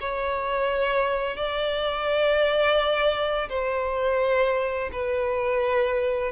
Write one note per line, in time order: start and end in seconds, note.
0.00 1.37 C#5
1.37 3.48 D5
3.49 4.90 C5
4.92 6.32 B4